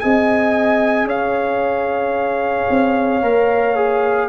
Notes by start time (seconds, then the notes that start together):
0.00 C4 G#4 D#5 G#5
1.05 C#4 C#5 F5
2.70 C4
3.22 A#3 A#4
3.76 G#4